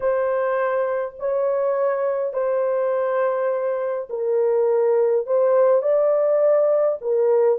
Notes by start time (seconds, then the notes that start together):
0.00 C5
1.19 C#5
2.33 C5
4.09 A#4
5.26 C5
5.81 D5
7.01 A#4